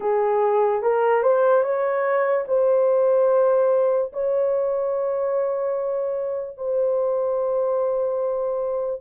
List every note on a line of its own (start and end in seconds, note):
0.00 0.82 G#4
0.82 1.22 A#4
1.22 1.63 C5
1.63 2.45 C#5
2.47 4.11 C5
4.12 6.57 C#5
6.57 9.01 C5